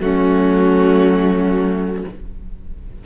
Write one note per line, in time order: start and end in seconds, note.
0.00 2.04 F#3
0.00 2.05 A3
0.00 2.06 C#4
0.00 2.03 F#4